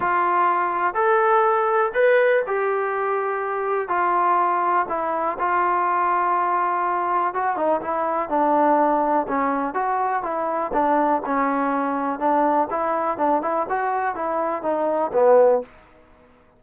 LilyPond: \new Staff \with { instrumentName = "trombone" } { \time 4/4 \tempo 4 = 123 f'2 a'2 | b'4 g'2. | f'2 e'4 f'4~ | f'2. fis'8 dis'8 |
e'4 d'2 cis'4 | fis'4 e'4 d'4 cis'4~ | cis'4 d'4 e'4 d'8 e'8 | fis'4 e'4 dis'4 b4 | }